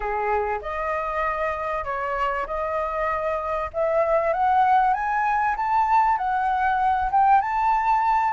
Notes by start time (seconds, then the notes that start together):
0.00 G#4
0.61 D#5
1.84 C#5
2.46 D#5
3.73 E5
4.33 F#5
4.93 G#5
5.56 A5
6.17 F#5
7.11 G5
7.41 A5